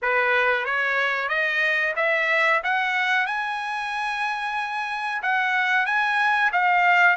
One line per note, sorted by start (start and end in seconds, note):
0.02 0.65 B4
0.65 1.29 C#5
1.29 1.94 D#5
1.96 2.61 E5
2.63 3.26 F#5
3.26 5.22 G#5
5.22 5.85 F#5
5.85 6.51 G#5
6.52 7.16 F5